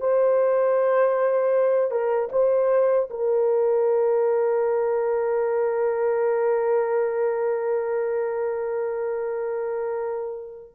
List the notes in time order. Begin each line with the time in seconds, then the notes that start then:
0.00 C5
1.91 A#4
2.33 C5
3.10 A#4